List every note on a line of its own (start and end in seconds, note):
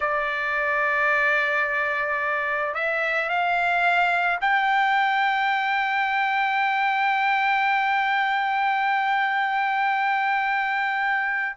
0.00 2.74 D5
2.74 3.29 E5
3.29 4.39 F5
4.40 11.56 G5